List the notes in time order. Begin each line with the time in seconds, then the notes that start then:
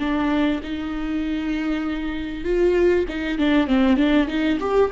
0.00 D4
0.63 D#4
2.45 F4
3.09 D#4
3.39 D4
3.67 C4
3.97 D4
4.28 D#4
4.60 G4